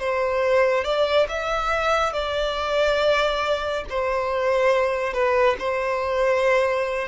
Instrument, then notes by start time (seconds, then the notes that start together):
violin
0.00 C5
0.85 D5
1.29 E5
2.14 D5
3.90 C5
5.14 B4
5.59 C5